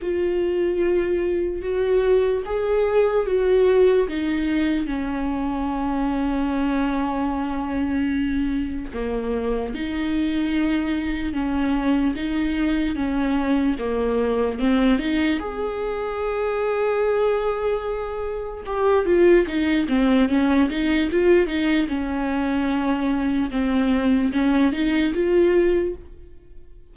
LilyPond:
\new Staff \with { instrumentName = "viola" } { \time 4/4 \tempo 4 = 74 f'2 fis'4 gis'4 | fis'4 dis'4 cis'2~ | cis'2. ais4 | dis'2 cis'4 dis'4 |
cis'4 ais4 c'8 dis'8 gis'4~ | gis'2. g'8 f'8 | dis'8 c'8 cis'8 dis'8 f'8 dis'8 cis'4~ | cis'4 c'4 cis'8 dis'8 f'4 | }